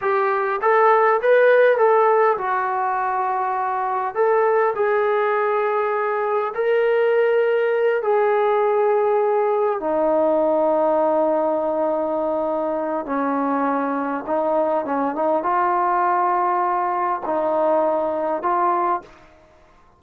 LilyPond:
\new Staff \with { instrumentName = "trombone" } { \time 4/4 \tempo 4 = 101 g'4 a'4 b'4 a'4 | fis'2. a'4 | gis'2. ais'4~ | ais'4. gis'2~ gis'8~ |
gis'8 dis'2.~ dis'8~ | dis'2 cis'2 | dis'4 cis'8 dis'8 f'2~ | f'4 dis'2 f'4 | }